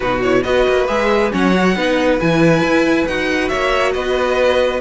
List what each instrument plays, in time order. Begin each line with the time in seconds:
0.00 cello B2, viola D#4, violin F#4 B4
0.22 viola E4, violin C#5
0.43 cello B3, viola F#4, violin B4 D#5
0.67 cello A#3
0.87 cello G#3, viola G#4, violin E5
1.31 cello F#3, viola C#4, violin C#5 F#5
1.53 viola F#4
1.75 cello B3, viola D#4, violin B4
2.19 cello E3, viola E4, violin G#5
2.62 cello E4
3.06 cello D#4, viola F#4, violin F#5
3.48 cello A#3, violin C#5 E5
3.93 cello B3, violin B4 D#5